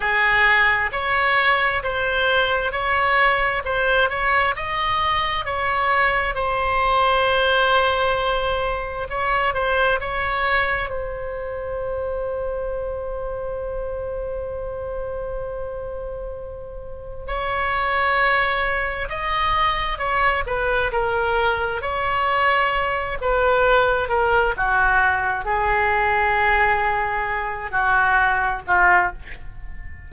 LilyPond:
\new Staff \with { instrumentName = "oboe" } { \time 4/4 \tempo 4 = 66 gis'4 cis''4 c''4 cis''4 | c''8 cis''8 dis''4 cis''4 c''4~ | c''2 cis''8 c''8 cis''4 | c''1~ |
c''2. cis''4~ | cis''4 dis''4 cis''8 b'8 ais'4 | cis''4. b'4 ais'8 fis'4 | gis'2~ gis'8 fis'4 f'8 | }